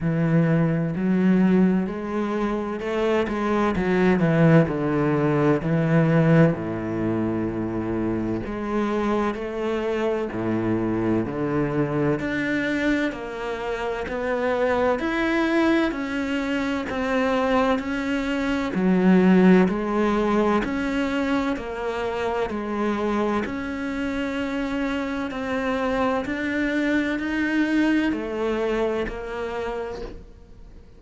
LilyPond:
\new Staff \with { instrumentName = "cello" } { \time 4/4 \tempo 4 = 64 e4 fis4 gis4 a8 gis8 | fis8 e8 d4 e4 a,4~ | a,4 gis4 a4 a,4 | d4 d'4 ais4 b4 |
e'4 cis'4 c'4 cis'4 | fis4 gis4 cis'4 ais4 | gis4 cis'2 c'4 | d'4 dis'4 a4 ais4 | }